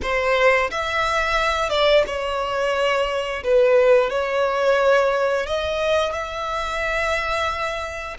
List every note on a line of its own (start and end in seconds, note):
0.02 0.70 C5
0.71 1.69 E5
1.69 2.03 D5
2.06 3.43 C#5
3.43 4.09 B4
4.09 5.46 C#5
5.46 6.12 D#5
6.12 8.17 E5